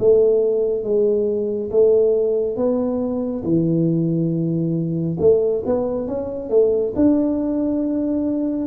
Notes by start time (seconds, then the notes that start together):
0.00 A3
0.84 G#3
1.72 A3
2.57 B3
3.44 E3
5.20 A3
5.66 B3
6.08 C#4
6.50 A3
6.96 D4